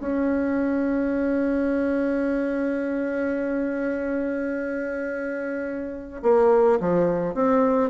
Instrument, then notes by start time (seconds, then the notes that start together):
bassoon
0.00 C#4
6.23 A#3
6.80 F3
7.34 C4